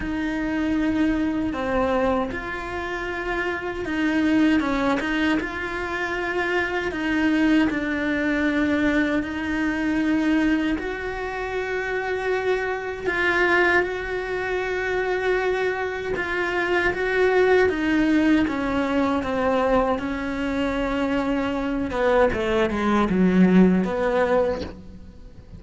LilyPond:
\new Staff \with { instrumentName = "cello" } { \time 4/4 \tempo 4 = 78 dis'2 c'4 f'4~ | f'4 dis'4 cis'8 dis'8 f'4~ | f'4 dis'4 d'2 | dis'2 fis'2~ |
fis'4 f'4 fis'2~ | fis'4 f'4 fis'4 dis'4 | cis'4 c'4 cis'2~ | cis'8 b8 a8 gis8 fis4 b4 | }